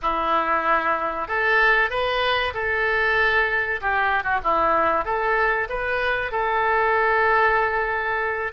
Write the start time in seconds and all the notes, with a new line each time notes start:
0.01 E4
1.28 A4
1.89 B4
2.54 A4
3.81 G4
4.23 F#4
4.43 E4
5.04 A4
5.69 B4
6.31 A4